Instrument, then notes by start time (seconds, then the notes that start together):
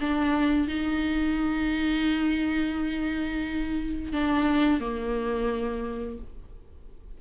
viola
0.00 D4
0.68 D#4
4.13 D4
4.80 A#3